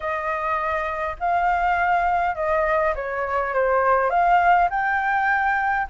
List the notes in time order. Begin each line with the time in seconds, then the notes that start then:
0.00 D#5
1.19 F5
2.35 D#5
2.95 C#5
3.53 C5
4.10 F5
4.70 G5